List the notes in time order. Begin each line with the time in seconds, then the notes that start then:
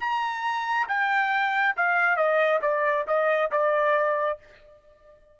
0.00 A#5
0.88 G5
1.77 F5
2.17 D#5
2.62 D5
3.07 D#5
3.51 D5